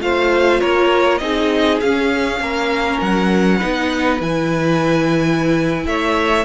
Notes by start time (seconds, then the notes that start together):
0.00 A3 F4 C5 F5
0.60 A#3 A#4 C#5
1.18 C4 D#4 G#4 D#5
1.80 C#4 F5
2.40 A#3 A#4
3.01 F#3 F#5
3.58 B3 D#4 B4
4.20 E3 E4 G#5
5.86 A3 C#5 E5